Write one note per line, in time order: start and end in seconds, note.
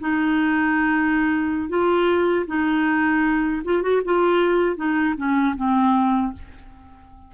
0.00 1.69 D#4
1.69 2.46 F4
2.47 3.62 D#4
3.65 3.83 F4
3.83 4.02 F#4
4.05 4.77 F4
4.77 5.15 D#4
5.17 5.56 C#4
5.56 6.33 C4